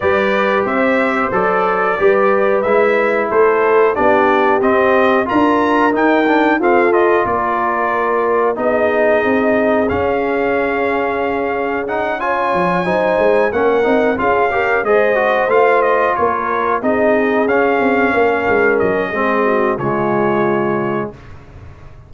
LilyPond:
<<
  \new Staff \with { instrumentName = "trumpet" } { \time 4/4 \tempo 4 = 91 d''4 e''4 d''2 | e''4 c''4 d''4 dis''4 | ais''4 g''4 f''8 dis''8 d''4~ | d''4 dis''2 f''4~ |
f''2 fis''8 gis''4.~ | gis''8 fis''4 f''4 dis''4 f''8 | dis''8 cis''4 dis''4 f''4.~ | f''8 dis''4. cis''2 | }
  \new Staff \with { instrumentName = "horn" } { \time 4/4 b'4 c''2 b'4~ | b'4 a'4 g'2 | ais'2 a'4 ais'4~ | ais'4 gis'2.~ |
gis'2~ gis'8 cis''4 c''8~ | c''8 ais'4 gis'8 ais'8 c''4.~ | c''8 ais'4 gis'2 ais'8~ | ais'4 gis'8 fis'8 f'2 | }
  \new Staff \with { instrumentName = "trombone" } { \time 4/4 g'2 a'4 g'4 | e'2 d'4 c'4 | f'4 dis'8 d'8 c'8 f'4.~ | f'4 dis'2 cis'4~ |
cis'2 dis'8 f'4 dis'8~ | dis'8 cis'8 dis'8 f'8 g'8 gis'8 fis'8 f'8~ | f'4. dis'4 cis'4.~ | cis'4 c'4 gis2 | }
  \new Staff \with { instrumentName = "tuba" } { \time 4/4 g4 c'4 fis4 g4 | gis4 a4 b4 c'4 | d'4 dis'4 f'4 ais4~ | ais4 b4 c'4 cis'4~ |
cis'2. f8 fis8 | gis8 ais8 c'8 cis'4 gis4 a8~ | a8 ais4 c'4 cis'8 c'8 ais8 | gis8 fis8 gis4 cis2 | }
>>